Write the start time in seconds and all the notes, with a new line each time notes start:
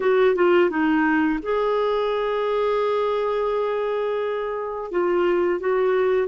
0.00 F#4
0.35 F4
0.69 D#4
1.42 G#4
4.91 F4
5.60 F#4